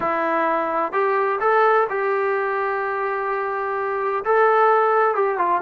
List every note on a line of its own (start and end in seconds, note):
0.00 0.92 E4
0.92 1.39 G4
1.40 1.87 A4
1.89 4.24 G4
4.24 5.14 A4
5.14 5.38 G4
5.38 5.61 F4